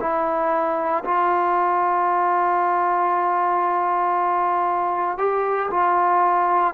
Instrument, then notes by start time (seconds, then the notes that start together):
trombone
0.00 E4
1.04 F4
5.18 G4
5.70 F4